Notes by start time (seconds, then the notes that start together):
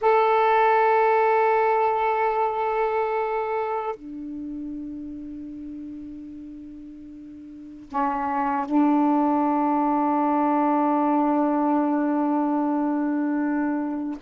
0.01 A4
3.95 D4
7.89 C#4
8.65 D4